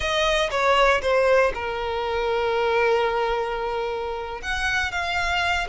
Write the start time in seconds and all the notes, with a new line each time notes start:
0.00 D#5
0.50 C#5
1.02 C5
1.54 A#4
4.41 F#5
4.91 F5